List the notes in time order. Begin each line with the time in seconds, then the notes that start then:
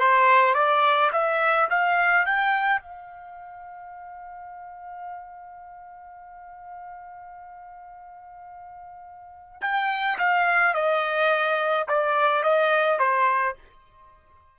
0.00 C5
0.55 D5
1.13 E5
1.70 F5
2.26 G5
2.82 F5
9.61 G5
10.19 F5
10.74 D#5
11.88 D5
12.43 D#5
12.99 C5